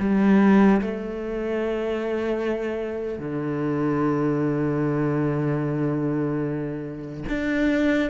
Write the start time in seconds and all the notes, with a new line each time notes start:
0.00 G3
0.81 A3
3.19 D3
7.29 D4